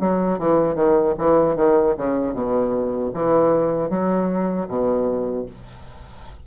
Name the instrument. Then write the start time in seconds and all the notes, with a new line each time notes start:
bassoon
0.00 F#3
0.39 E3
0.75 D#3
1.18 E3
1.56 D#3
1.97 C#3
2.34 B2
3.14 E3
3.90 F#3
4.68 B2